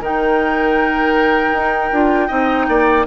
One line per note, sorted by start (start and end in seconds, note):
0.00 1.52 D#3
0.00 1.92 D#4
0.00 2.28 A#4
0.00 3.07 G5
1.53 1.91 D#4
1.92 2.30 D4
1.92 2.29 F4
2.28 2.69 C4
2.28 3.05 D#4
2.28 2.66 D#5
2.69 3.06 A#3
2.69 3.07 D5